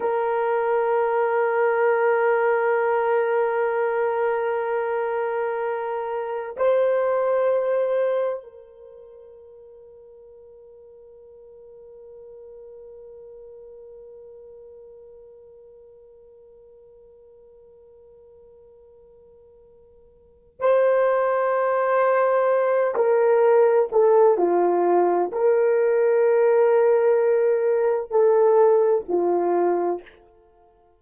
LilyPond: \new Staff \with { instrumentName = "horn" } { \time 4/4 \tempo 4 = 64 ais'1~ | ais'2. c''4~ | c''4 ais'2.~ | ais'1~ |
ais'1~ | ais'2 c''2~ | c''8 ais'4 a'8 f'4 ais'4~ | ais'2 a'4 f'4 | }